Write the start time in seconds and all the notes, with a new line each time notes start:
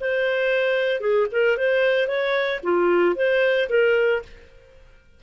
0.00 C5
1.00 G#4
1.31 A#4
1.57 C5
2.07 C#5
2.63 F4
3.15 C5
3.69 A#4